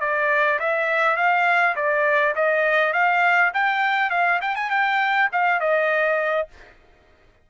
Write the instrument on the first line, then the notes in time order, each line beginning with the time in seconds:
trumpet
0.00 D5
0.59 E5
1.16 F5
1.75 D5
2.35 D#5
2.93 F5
3.53 G5
4.10 F5
4.41 G5
4.55 G#5
4.70 G5
5.32 F5
5.60 D#5